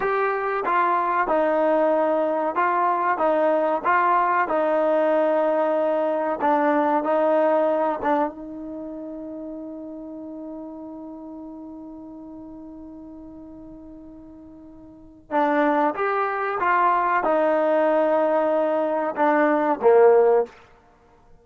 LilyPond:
\new Staff \with { instrumentName = "trombone" } { \time 4/4 \tempo 4 = 94 g'4 f'4 dis'2 | f'4 dis'4 f'4 dis'4~ | dis'2 d'4 dis'4~ | dis'8 d'8 dis'2.~ |
dis'1~ | dis'1 | d'4 g'4 f'4 dis'4~ | dis'2 d'4 ais4 | }